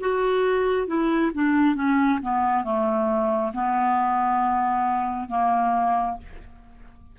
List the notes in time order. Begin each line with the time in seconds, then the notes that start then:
0.00 F#4
0.87 E4
1.34 D4
1.75 C#4
2.22 B3
2.64 A3
3.53 B3
5.29 A#3